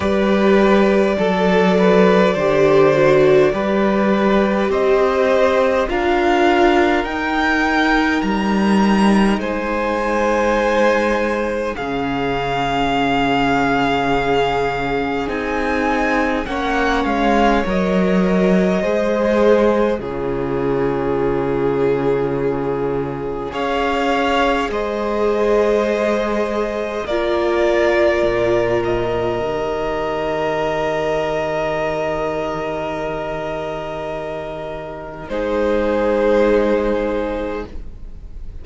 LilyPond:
<<
  \new Staff \with { instrumentName = "violin" } { \time 4/4 \tempo 4 = 51 d''1 | dis''4 f''4 g''4 ais''4 | gis''2 f''2~ | f''4 gis''4 fis''8 f''8 dis''4~ |
dis''4 cis''2. | f''4 dis''2 d''4~ | d''8 dis''2.~ dis''8~ | dis''2 c''2 | }
  \new Staff \with { instrumentName = "violin" } { \time 4/4 b'4 a'8 b'8 c''4 b'4 | c''4 ais'2. | c''2 gis'2~ | gis'2 cis''2 |
c''4 gis'2. | cis''4 c''2 ais'4~ | ais'1~ | ais'2 gis'2 | }
  \new Staff \with { instrumentName = "viola" } { \time 4/4 g'4 a'4 g'8 fis'8 g'4~ | g'4 f'4 dis'2~ | dis'2 cis'2~ | cis'4 dis'4 cis'4 ais'4 |
gis'4 f'2. | gis'2. f'4~ | f'4 g'2.~ | g'2 dis'2 | }
  \new Staff \with { instrumentName = "cello" } { \time 4/4 g4 fis4 d4 g4 | c'4 d'4 dis'4 g4 | gis2 cis2~ | cis4 c'4 ais8 gis8 fis4 |
gis4 cis2. | cis'4 gis2 ais4 | ais,4 dis2.~ | dis2 gis2 | }
>>